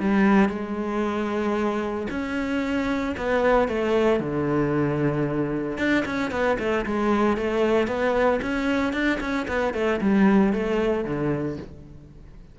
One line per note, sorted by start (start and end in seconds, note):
0.00 0.49 G3
0.49 2.07 G#3
2.11 3.16 C#4
3.17 3.68 B3
3.68 4.20 A3
4.20 5.78 D3
5.78 6.05 D4
6.06 6.31 C#4
6.31 6.58 B3
6.59 6.86 A3
6.86 7.37 G#3
7.37 7.88 A3
7.88 8.40 B3
8.42 8.93 C#4
8.93 9.19 D4
9.21 9.47 C#4
9.48 9.74 B3
9.74 10.00 A3
10.01 10.53 G3
10.53 11.05 A3
11.05 11.58 D3